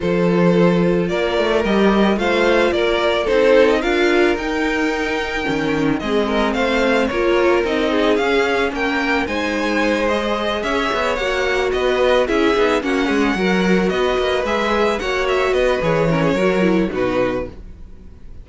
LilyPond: <<
  \new Staff \with { instrumentName = "violin" } { \time 4/4 \tempo 4 = 110 c''2 d''4 dis''4 | f''4 d''4 c''8. dis''16 f''4 | g''2. dis''4 | f''4 cis''4 dis''4 f''4 |
g''4 gis''4. dis''4 e''8~ | e''8 fis''4 dis''4 e''4 fis''8~ | fis''4. dis''4 e''4 fis''8 | e''8 dis''8 cis''2 b'4 | }
  \new Staff \with { instrumentName = "violin" } { \time 4/4 a'2 ais'2 | c''4 ais'4 a'4 ais'4~ | ais'2. gis'8 ais'8 | c''4 ais'4. gis'4. |
ais'4 c''2~ c''8 cis''8~ | cis''4. b'4 gis'4 fis'8 | gis'8 ais'4 b'2 cis''8~ | cis''8 b'4 ais'16 gis'16 ais'4 fis'4 | }
  \new Staff \with { instrumentName = "viola" } { \time 4/4 f'2. g'4 | f'2 dis'4 f'4 | dis'2 cis'4 c'4~ | c'4 f'4 dis'4 cis'4~ |
cis'4 dis'4. gis'4.~ | gis'8 fis'2 e'8 dis'8 cis'8~ | cis'8 fis'2 gis'4 fis'8~ | fis'4 gis'8 cis'8 fis'8 e'8 dis'4 | }
  \new Staff \with { instrumentName = "cello" } { \time 4/4 f2 ais8 a8 g4 | a4 ais4 c'4 d'4 | dis'2 dis4 gis4 | a4 ais4 c'4 cis'4 |
ais4 gis2~ gis8 cis'8 | b8 ais4 b4 cis'8 b8 ais8 | gis8 fis4 b8 ais8 gis4 ais8~ | ais8 b8 e4 fis4 b,4 | }
>>